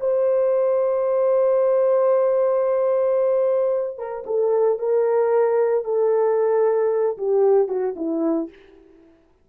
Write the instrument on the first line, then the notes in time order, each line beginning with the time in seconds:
horn
0.00 C5
3.98 A#4
4.26 A4
4.79 A#4
5.85 A4
7.18 G4
7.68 F#4
7.96 E4